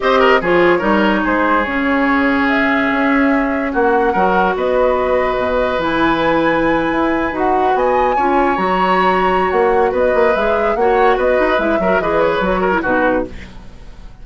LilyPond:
<<
  \new Staff \with { instrumentName = "flute" } { \time 4/4 \tempo 4 = 145 dis''4 cis''2 c''4 | cis''2 e''2~ | e''4 fis''2 dis''4~ | dis''2 gis''2~ |
gis''4.~ gis''16 fis''4 gis''4~ gis''16~ | gis''8. ais''2~ ais''16 fis''4 | dis''4 e''4 fis''4 dis''4 | e''4 dis''8 cis''4. b'4 | }
  \new Staff \with { instrumentName = "oboe" } { \time 4/4 c''8 ais'8 gis'4 ais'4 gis'4~ | gis'1~ | gis'4 fis'4 ais'4 b'4~ | b'1~ |
b'2~ b'8. dis''4 cis''16~ | cis''1 | b'2 cis''4 b'4~ | b'8 ais'8 b'4. ais'8 fis'4 | }
  \new Staff \with { instrumentName = "clarinet" } { \time 4/4 g'4 f'4 dis'2 | cis'1~ | cis'2 fis'2~ | fis'2 e'2~ |
e'4.~ e'16 fis'2 f'16~ | f'8. fis'2.~ fis'16~ | fis'4 gis'4 fis'2 | e'8 fis'8 gis'4 fis'8. e'16 dis'4 | }
  \new Staff \with { instrumentName = "bassoon" } { \time 4/4 c'4 f4 g4 gis4 | cis2. cis'4~ | cis'4 ais4 fis4 b4~ | b4 b,4 e2~ |
e8. e'4 dis'4 b4 cis'16~ | cis'8. fis2~ fis16 ais4 | b8 ais8 gis4 ais4 b8 dis'8 | gis8 fis8 e4 fis4 b,4 | }
>>